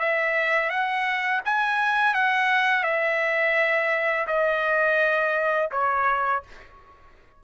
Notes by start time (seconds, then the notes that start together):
0.00 E5
0.70 F#5
1.45 G#5
2.15 F#5
2.84 E5
4.27 D#5
5.72 C#5